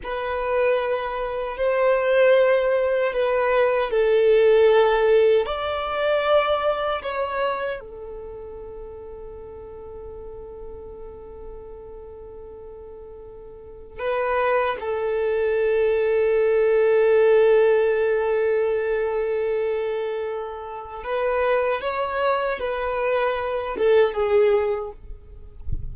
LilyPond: \new Staff \with { instrumentName = "violin" } { \time 4/4 \tempo 4 = 77 b'2 c''2 | b'4 a'2 d''4~ | d''4 cis''4 a'2~ | a'1~ |
a'2 b'4 a'4~ | a'1~ | a'2. b'4 | cis''4 b'4. a'8 gis'4 | }